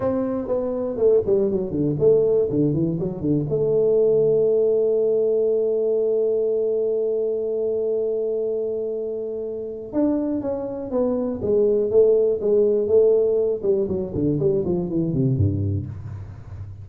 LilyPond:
\new Staff \with { instrumentName = "tuba" } { \time 4/4 \tempo 4 = 121 c'4 b4 a8 g8 fis8 d8 | a4 d8 e8 fis8 d8 a4~ | a1~ | a1~ |
a1 | d'4 cis'4 b4 gis4 | a4 gis4 a4. g8 | fis8 d8 g8 f8 e8 c8 g,4 | }